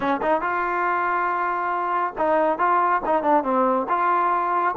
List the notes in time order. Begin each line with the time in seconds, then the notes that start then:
0.00 C#4
0.21 D#4
0.41 F4
2.18 D#4
2.58 F4
3.05 D#4
3.22 D4
3.43 C4
3.88 F4